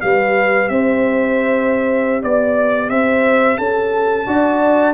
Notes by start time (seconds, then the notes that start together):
0.00 G3 G4 B4 F5
0.68 C4 C5 E5
2.22 B3 D5
2.90 C4 C5 E5
3.58 C#4 A4 A5
4.26 D4 F#4 D5